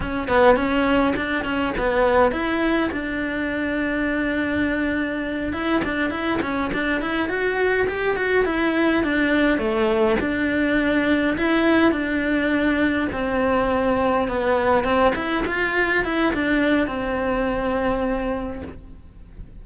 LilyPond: \new Staff \with { instrumentName = "cello" } { \time 4/4 \tempo 4 = 103 cis'8 b8 cis'4 d'8 cis'8 b4 | e'4 d'2.~ | d'4. e'8 d'8 e'8 cis'8 d'8 | e'8 fis'4 g'8 fis'8 e'4 d'8~ |
d'8 a4 d'2 e'8~ | e'8 d'2 c'4.~ | c'8 b4 c'8 e'8 f'4 e'8 | d'4 c'2. | }